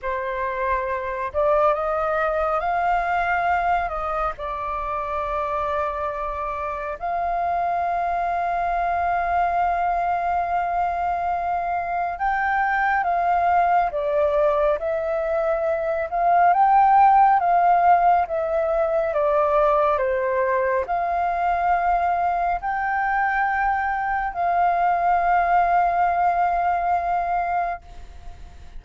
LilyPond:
\new Staff \with { instrumentName = "flute" } { \time 4/4 \tempo 4 = 69 c''4. d''8 dis''4 f''4~ | f''8 dis''8 d''2. | f''1~ | f''2 g''4 f''4 |
d''4 e''4. f''8 g''4 | f''4 e''4 d''4 c''4 | f''2 g''2 | f''1 | }